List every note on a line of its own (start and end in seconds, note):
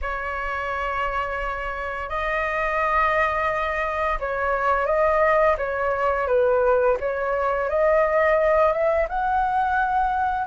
0.01 2.09 C#5
2.09 4.18 D#5
4.19 4.86 C#5
4.86 5.56 D#5
5.57 6.27 C#5
6.27 6.97 B4
7.00 7.69 C#5
7.69 8.72 D#5
8.72 9.07 E5
9.09 10.46 F#5